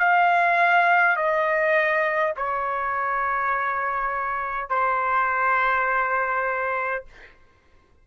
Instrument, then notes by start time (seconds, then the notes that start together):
trumpet
0.00 F5
1.17 D#5
2.37 C#5
4.70 C5